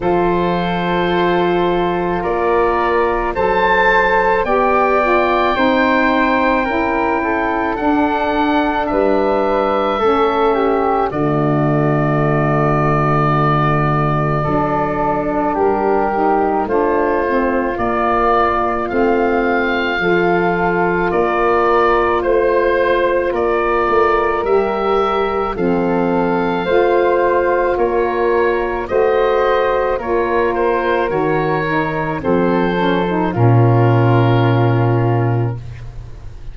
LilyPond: <<
  \new Staff \with { instrumentName = "oboe" } { \time 4/4 \tempo 4 = 54 c''2 d''4 a''4 | g''2. fis''4 | e''2 d''2~ | d''2 ais'4 c''4 |
d''4 f''2 d''4 | c''4 d''4 e''4 f''4~ | f''4 cis''4 dis''4 cis''8 c''8 | cis''4 c''4 ais'2 | }
  \new Staff \with { instrumentName = "flute" } { \time 4/4 a'2 ais'4 c''4 | d''4 c''4 ais'8 a'4. | b'4 a'8 g'8 fis'2~ | fis'4 a'4 g'4 f'4~ |
f'2 a'4 ais'4 | c''4 ais'2 a'4 | c''4 ais'4 c''4 ais'4~ | ais'4 a'4 f'2 | }
  \new Staff \with { instrumentName = "saxophone" } { \time 4/4 f'2. a'4 | g'8 f'8 dis'4 e'4 d'4~ | d'4 cis'4 a2~ | a4 d'4. dis'8 d'8 c'8 |
ais4 c'4 f'2~ | f'2 g'4 c'4 | f'2 fis'4 f'4 | fis'8 dis'8 c'8 cis'16 dis'16 cis'2 | }
  \new Staff \with { instrumentName = "tuba" } { \time 4/4 f2 ais4 fis4 | b4 c'4 cis'4 d'4 | g4 a4 d2~ | d4 fis4 g4 a4 |
ais4 a4 f4 ais4 | a4 ais8 a8 g4 f4 | a4 ais4 a4 ais4 | dis4 f4 ais,2 | }
>>